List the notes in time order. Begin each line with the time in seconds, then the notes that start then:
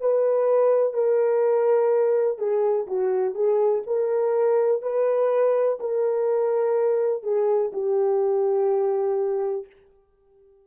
0.00 B4
0.93 A#4
2.38 G#4
2.87 F#4
3.34 G#4
3.86 A#4
4.82 B4
5.79 A#4
7.23 G#4
7.72 G4